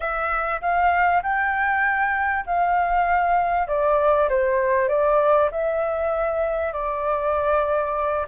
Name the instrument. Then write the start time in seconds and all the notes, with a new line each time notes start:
flute
0.00 E5
0.61 F5
1.22 G5
2.45 F5
3.67 D5
4.29 C5
4.88 D5
5.51 E5
6.73 D5